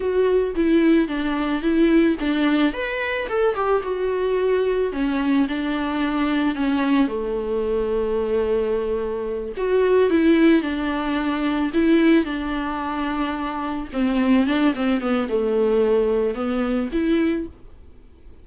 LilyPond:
\new Staff \with { instrumentName = "viola" } { \time 4/4 \tempo 4 = 110 fis'4 e'4 d'4 e'4 | d'4 b'4 a'8 g'8 fis'4~ | fis'4 cis'4 d'2 | cis'4 a2.~ |
a4. fis'4 e'4 d'8~ | d'4. e'4 d'4.~ | d'4. c'4 d'8 c'8 b8 | a2 b4 e'4 | }